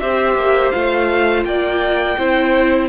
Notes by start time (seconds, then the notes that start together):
0.00 C4 G4 C5 E5
0.35 A#3
0.71 A3 F4 F5
1.45 A#3 D5 G5
2.18 C4 E4 C5